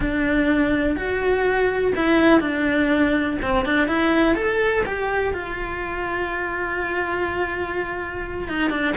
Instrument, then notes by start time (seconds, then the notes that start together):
cello
0.00 D4
0.96 F#4
1.95 E4
2.40 D4
3.42 C4
3.65 D4
3.87 E4
4.35 A4
4.85 G4
5.33 F4
8.48 D#4
8.70 D4